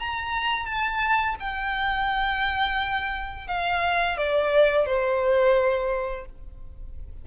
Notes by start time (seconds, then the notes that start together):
0.00 A#5
0.66 A5
1.40 G5
3.48 F5
4.18 D5
4.86 C5